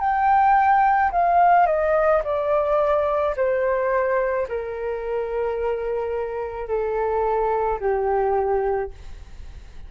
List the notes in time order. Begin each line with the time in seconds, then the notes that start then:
0.00 G5
1.12 F5
1.67 D#5
2.24 D5
3.36 C5
4.48 A#4
6.68 A4
7.80 G4